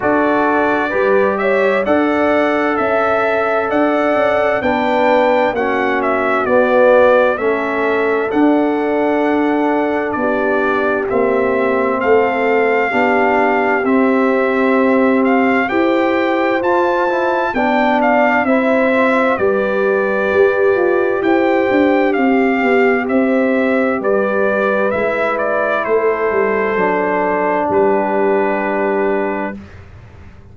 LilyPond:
<<
  \new Staff \with { instrumentName = "trumpet" } { \time 4/4 \tempo 4 = 65 d''4. e''8 fis''4 e''4 | fis''4 g''4 fis''8 e''8 d''4 | e''4 fis''2 d''4 | e''4 f''2 e''4~ |
e''8 f''8 g''4 a''4 g''8 f''8 | e''4 d''2 g''4 | f''4 e''4 d''4 e''8 d''8 | c''2 b'2 | }
  \new Staff \with { instrumentName = "horn" } { \time 4/4 a'4 b'8 cis''8 d''4 e''4 | d''4 b'4 fis'2 | a'2. g'4~ | g'4 a'4 g'2~ |
g'4 c''2 d''4 | c''4 b'2 c''4 | g'4 c''4 b'2 | a'2 g'2 | }
  \new Staff \with { instrumentName = "trombone" } { \time 4/4 fis'4 g'4 a'2~ | a'4 d'4 cis'4 b4 | cis'4 d'2. | c'2 d'4 c'4~ |
c'4 g'4 f'8 e'8 d'4 | e'8 f'8 g'2.~ | g'2. e'4~ | e'4 d'2. | }
  \new Staff \with { instrumentName = "tuba" } { \time 4/4 d'4 g4 d'4 cis'4 | d'8 cis'8 b4 ais4 b4 | a4 d'2 b4 | ais4 a4 b4 c'4~ |
c'4 e'4 f'4 b4 | c'4 g4 g'8 f'8 e'8 d'8 | c'8 b8 c'4 g4 gis4 | a8 g8 fis4 g2 | }
>>